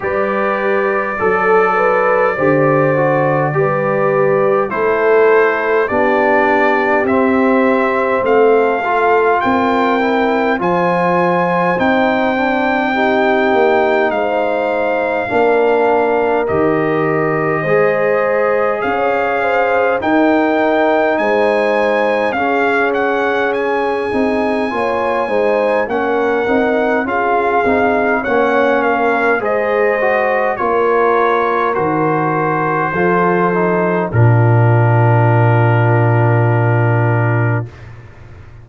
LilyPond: <<
  \new Staff \with { instrumentName = "trumpet" } { \time 4/4 \tempo 4 = 51 d''1 | c''4 d''4 e''4 f''4 | g''4 gis''4 g''2 | f''2 dis''2 |
f''4 g''4 gis''4 f''8 fis''8 | gis''2 fis''4 f''4 | fis''8 f''8 dis''4 cis''4 c''4~ | c''4 ais'2. | }
  \new Staff \with { instrumentName = "horn" } { \time 4/4 b'4 a'8 b'8 c''4 b'4 | a'4 g'2 a'4 | ais'4 c''2 g'4 | c''4 ais'2 c''4 |
cis''8 c''8 ais'4 c''4 gis'4~ | gis'4 cis''8 c''8 ais'4 gis'4 | cis''8 ais'8 c''4 ais'2 | a'4 f'2. | }
  \new Staff \with { instrumentName = "trombone" } { \time 4/4 g'4 a'4 g'8 fis'8 g'4 | e'4 d'4 c'4. f'8~ | f'8 e'8 f'4 dis'8 d'8 dis'4~ | dis'4 d'4 g'4 gis'4~ |
gis'4 dis'2 cis'4~ | cis'8 dis'8 f'8 dis'8 cis'8 dis'8 f'8 dis'8 | cis'4 gis'8 fis'8 f'4 fis'4 | f'8 dis'8 d'2. | }
  \new Staff \with { instrumentName = "tuba" } { \time 4/4 g4 fis4 d4 g4 | a4 b4 c'4 a4 | c'4 f4 c'4. ais8 | gis4 ais4 dis4 gis4 |
cis'4 dis'4 gis4 cis'4~ | cis'8 c'8 ais8 gis8 ais8 c'8 cis'8 c'8 | ais4 gis4 ais4 dis4 | f4 ais,2. | }
>>